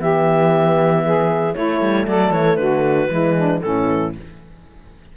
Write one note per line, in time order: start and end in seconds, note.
0.00 1.55 E3
0.00 1.55 B3
0.00 1.04 G4
0.00 1.55 E5
1.05 1.55 G#4
1.55 3.10 A3
1.55 1.81 A3
1.55 2.07 E4
1.55 2.06 C#5
1.81 2.07 G3
2.07 2.31 F#3
2.07 2.59 A4
2.07 2.32 D5
2.31 2.57 E3
2.31 2.56 C#5
2.56 3.09 D3
2.56 3.10 F#4
2.56 3.59 B4
3.10 3.63 E3
3.10 3.62 G#3
3.10 3.36 E4
3.37 3.63 D4
3.61 4.17 A2
3.61 4.17 E3
3.61 4.16 C#4
3.61 4.12 A4